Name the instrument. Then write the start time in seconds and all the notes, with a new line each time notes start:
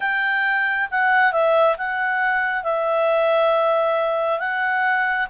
clarinet
0.00 G5
0.90 F#5
1.32 E5
1.77 F#5
2.63 E5
4.39 F#5